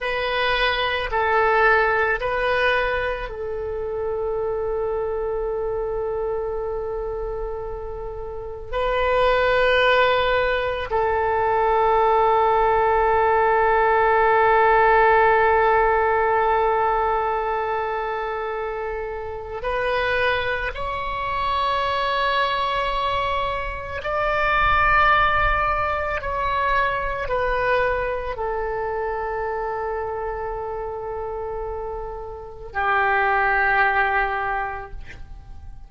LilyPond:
\new Staff \with { instrumentName = "oboe" } { \time 4/4 \tempo 4 = 55 b'4 a'4 b'4 a'4~ | a'1 | b'2 a'2~ | a'1~ |
a'2 b'4 cis''4~ | cis''2 d''2 | cis''4 b'4 a'2~ | a'2 g'2 | }